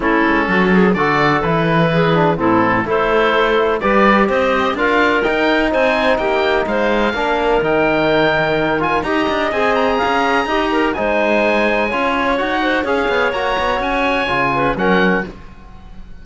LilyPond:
<<
  \new Staff \with { instrumentName = "oboe" } { \time 4/4 \tempo 4 = 126 a'2 d''4 b'4~ | b'4 a'4 c''2 | d''4 dis''4 f''4 g''4 | gis''4 g''4 f''2 |
g''2~ g''8 gis''8 ais''4 | gis''8 ais''2~ ais''8 gis''4~ | gis''2 fis''4 f''4 | ais''4 gis''2 fis''4 | }
  \new Staff \with { instrumentName = "clarinet" } { \time 4/4 e'4 fis'8 gis'8 a'2 | gis'4 e'4 a'2 | b'4 c''4 ais'2 | c''4 g'4 c''4 ais'4~ |
ais'2. dis''4~ | dis''4 f''4 dis''8 ais'8 c''4~ | c''4 cis''4. c''8 cis''4~ | cis''2~ cis''8 b'8 ais'4 | }
  \new Staff \with { instrumentName = "trombone" } { \time 4/4 cis'2 fis'4 e'4~ | e'8 d'8 c'4 e'2 | g'2 f'4 dis'4~ | dis'2. d'4 |
dis'2~ dis'8 f'8 g'4 | gis'2 g'4 dis'4~ | dis'4 f'4 fis'4 gis'4 | fis'2 f'4 cis'4 | }
  \new Staff \with { instrumentName = "cello" } { \time 4/4 a8 gis8 fis4 d4 e4~ | e4 a,4 a2 | g4 c'4 d'4 dis'4 | c'4 ais4 gis4 ais4 |
dis2. dis'8 d'8 | c'4 cis'4 dis'4 gis4~ | gis4 cis'4 dis'4 cis'8 b8 | ais8 b8 cis'4 cis4 fis4 | }
>>